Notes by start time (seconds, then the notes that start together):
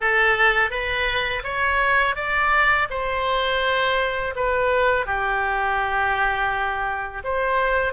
0.00 A4
0.70 B4
1.43 C#5
2.15 D5
2.89 C5
4.35 B4
5.06 G4
7.24 C5